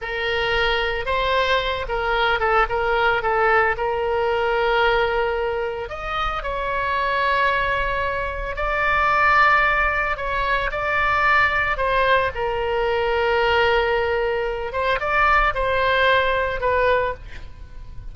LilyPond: \new Staff \with { instrumentName = "oboe" } { \time 4/4 \tempo 4 = 112 ais'2 c''4. ais'8~ | ais'8 a'8 ais'4 a'4 ais'4~ | ais'2. dis''4 | cis''1 |
d''2. cis''4 | d''2 c''4 ais'4~ | ais'2.~ ais'8 c''8 | d''4 c''2 b'4 | }